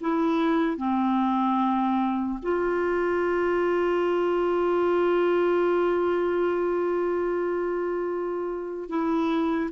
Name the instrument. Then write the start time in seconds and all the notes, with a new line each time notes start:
clarinet
0.00 E4
0.77 C4
2.42 F4
8.89 E4